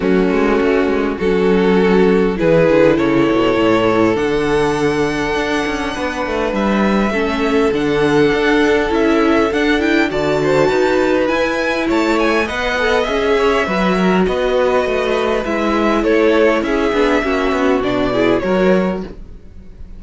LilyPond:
<<
  \new Staff \with { instrumentName = "violin" } { \time 4/4 \tempo 4 = 101 fis'2 a'2 | b'4 cis''2 fis''4~ | fis''2. e''4~ | e''4 fis''2 e''4 |
fis''8 g''8 a''2 gis''4 | a''8 gis''8 fis''4 e''2 | dis''2 e''4 cis''4 | e''2 d''4 cis''4 | }
  \new Staff \with { instrumentName = "violin" } { \time 4/4 cis'2 fis'2 | gis'4 a'2.~ | a'2 b'2 | a'1~ |
a'4 d''8 c''8 b'2 | cis''4 dis''4. cis''8 b'8 ais'8 | b'2. a'4 | gis'4 fis'4. gis'8 ais'4 | }
  \new Staff \with { instrumentName = "viola" } { \time 4/4 a2 cis'2 | e'2. d'4~ | d'1 | cis'4 d'2 e'4 |
d'8 e'8 fis'2 e'4~ | e'4 b'8 a'8 gis'4 fis'4~ | fis'2 e'2~ | e'8 d'8 cis'4 d'8 e'8 fis'4 | }
  \new Staff \with { instrumentName = "cello" } { \time 4/4 fis8 gis8 a8 gis8 fis2 | e8 d8 cis8 b,8 a,4 d4~ | d4 d'8 cis'8 b8 a8 g4 | a4 d4 d'4 cis'4 |
d'4 d4 dis'4 e'4 | a4 b4 cis'4 fis4 | b4 a4 gis4 a4 | cis'8 b8 ais8 b8 b,4 fis4 | }
>>